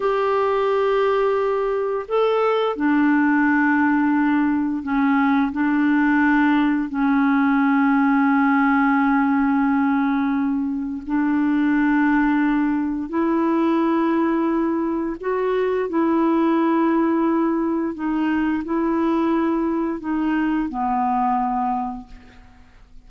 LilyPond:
\new Staff \with { instrumentName = "clarinet" } { \time 4/4 \tempo 4 = 87 g'2. a'4 | d'2. cis'4 | d'2 cis'2~ | cis'1 |
d'2. e'4~ | e'2 fis'4 e'4~ | e'2 dis'4 e'4~ | e'4 dis'4 b2 | }